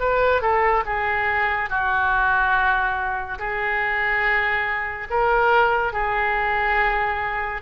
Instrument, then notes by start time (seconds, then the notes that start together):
oboe
0.00 B4
0.41 A4
0.86 G#4
1.69 F#4
3.39 G#4
5.10 A#4
5.93 G#4